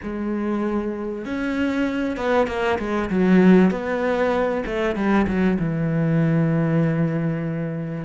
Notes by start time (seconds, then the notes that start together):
0.02 G#3
1.25 C#4
2.16 B3
2.47 A#3
2.78 G#3
3.10 F#3
3.71 B3
4.66 A3
4.95 G3
5.27 F#3
5.59 E3